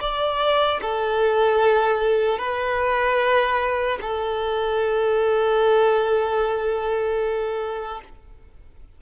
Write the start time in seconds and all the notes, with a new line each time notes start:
0.00 D5
0.81 A4
2.38 B4
4.01 A4